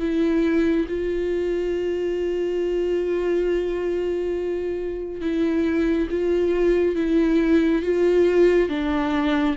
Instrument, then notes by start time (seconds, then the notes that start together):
viola
0.00 E4
0.89 F4
5.21 E4
6.11 F4
6.96 E4
7.83 F4
8.70 D4